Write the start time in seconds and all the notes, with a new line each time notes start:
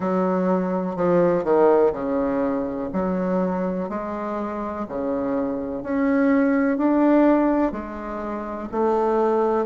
0.00 F#3
0.95 F3
1.44 D#3
1.93 C#3
2.93 F#3
3.89 G#3
4.88 C#3
5.82 C#4
6.77 D4
7.72 G#3
8.71 A3